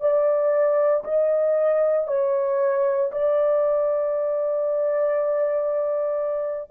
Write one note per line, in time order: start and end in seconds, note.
0.00 1.03 D5
1.04 2.07 D#5
2.07 3.11 C#5
3.11 6.70 D5